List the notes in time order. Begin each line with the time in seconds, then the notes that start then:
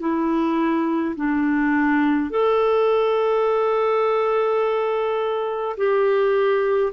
0.00 E4
1.16 D4
2.31 A4
5.77 G4